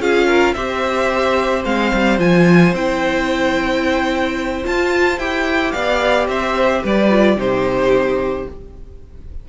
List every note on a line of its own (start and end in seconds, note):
0.00 0.55 C#4
0.00 0.56 F4
0.00 0.27 G#4
0.00 0.54 F5
0.27 0.55 A#4
0.54 1.66 C4
0.54 1.66 G4
0.54 5.74 C5
0.54 1.63 E5
1.65 1.93 G#3
1.65 2.19 C4
1.65 2.20 F5
1.94 2.20 G3
2.19 2.73 F3
2.19 2.73 F4
2.19 2.75 G#5
2.73 4.64 C4
2.73 4.65 E4
2.73 4.66 G5
4.65 5.19 F4
4.65 5.19 A5
5.19 5.73 E4
5.19 7.11 G4
5.19 5.72 G5
5.72 6.28 B3
5.72 6.28 D5
5.72 6.27 F5
6.28 6.83 C4
6.28 6.83 C5
6.28 6.84 E5
6.83 7.37 G3
6.83 7.38 B4
6.83 7.40 D5
7.11 7.37 F4
7.37 8.46 C3
7.37 8.46 D#4
7.37 8.49 G4
7.37 8.49 C5